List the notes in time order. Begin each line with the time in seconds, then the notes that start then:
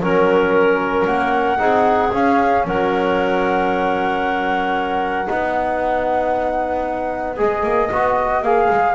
0.00 F#3 C#4 A#4
1.06 A#3 F#5
1.57 C4 D#4 G#4
2.12 C#4 F5
2.65 F#3 A#4 F#5
5.26 B3 D#4 B4
7.36 G#3 G#4 D#5
7.63 A#3
7.91 B3 F#4
8.42 A#3 G#4 F5
8.69 G#3